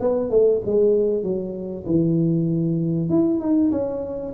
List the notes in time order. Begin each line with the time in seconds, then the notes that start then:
0.00 B3
0.30 A3
0.65 G#3
1.23 F#3
1.86 E3
3.09 E4
3.40 D#4
3.71 C#4